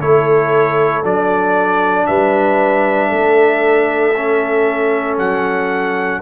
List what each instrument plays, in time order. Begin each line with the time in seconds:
0.00 tuba A3, trombone E4, horn A4, trumpet C#5
1.03 tuba F#3, trombone D4, trumpet D5
2.06 tuba G3, horn B4, trumpet E5
3.09 tuba A3, horn A4
4.16 trombone C#4
5.18 tuba F#3, trumpet F#5